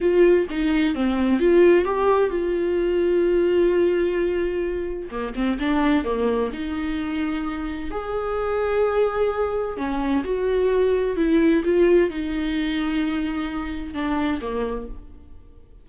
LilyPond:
\new Staff \with { instrumentName = "viola" } { \time 4/4 \tempo 4 = 129 f'4 dis'4 c'4 f'4 | g'4 f'2.~ | f'2. ais8 c'8 | d'4 ais4 dis'2~ |
dis'4 gis'2.~ | gis'4 cis'4 fis'2 | e'4 f'4 dis'2~ | dis'2 d'4 ais4 | }